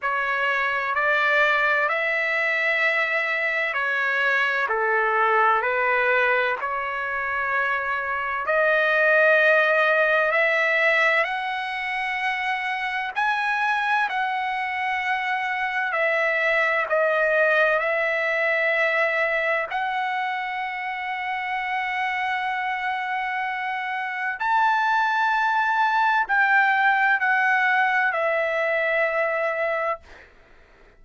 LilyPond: \new Staff \with { instrumentName = "trumpet" } { \time 4/4 \tempo 4 = 64 cis''4 d''4 e''2 | cis''4 a'4 b'4 cis''4~ | cis''4 dis''2 e''4 | fis''2 gis''4 fis''4~ |
fis''4 e''4 dis''4 e''4~ | e''4 fis''2.~ | fis''2 a''2 | g''4 fis''4 e''2 | }